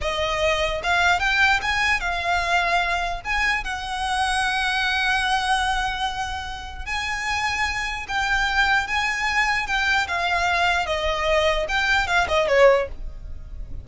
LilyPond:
\new Staff \with { instrumentName = "violin" } { \time 4/4 \tempo 4 = 149 dis''2 f''4 g''4 | gis''4 f''2. | gis''4 fis''2.~ | fis''1~ |
fis''4 gis''2. | g''2 gis''2 | g''4 f''2 dis''4~ | dis''4 g''4 f''8 dis''8 cis''4 | }